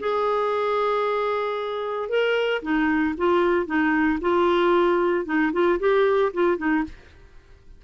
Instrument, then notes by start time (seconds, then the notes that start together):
clarinet
0.00 G#4
2.10 A#4
2.63 D#4
3.18 F4
3.67 D#4
4.22 F4
5.26 D#4
5.53 F4
5.80 G4
6.34 F4
6.58 D#4